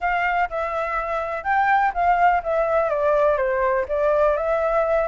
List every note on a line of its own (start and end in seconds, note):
0.00 0.49 F5
0.49 1.43 E5
1.43 1.92 G5
1.94 2.42 F5
2.43 2.89 E5
2.89 3.37 D5
3.37 3.85 C5
3.88 4.36 D5
4.37 5.07 E5